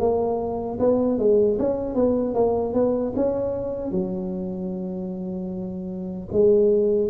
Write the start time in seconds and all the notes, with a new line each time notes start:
0.00 A#3
0.80 B3
1.19 G#3
1.59 C#4
1.95 B3
2.35 A#3
2.74 B3
3.16 C#4
3.92 F#3
6.32 G#3